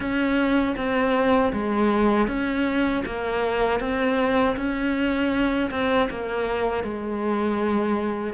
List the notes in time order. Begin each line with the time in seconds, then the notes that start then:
0.00 C#4
0.76 C4
1.52 G#3
2.28 C#4
3.06 A#3
3.80 C4
4.56 C#4
5.71 C4
6.10 A#3
6.83 G#3